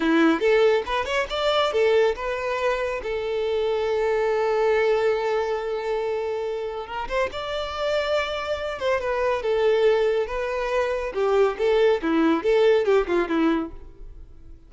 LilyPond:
\new Staff \with { instrumentName = "violin" } { \time 4/4 \tempo 4 = 140 e'4 a'4 b'8 cis''8 d''4 | a'4 b'2 a'4~ | a'1~ | a'1 |
ais'8 c''8 d''2.~ | d''8 c''8 b'4 a'2 | b'2 g'4 a'4 | e'4 a'4 g'8 f'8 e'4 | }